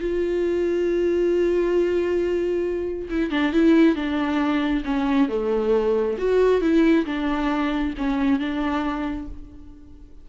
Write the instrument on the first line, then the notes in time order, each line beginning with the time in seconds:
viola
0.00 F4
3.10 E4
3.31 D4
3.53 E4
3.96 D4
4.85 C#4
5.29 A3
6.18 F#4
6.61 E4
7.06 D4
7.98 C#4
8.39 D4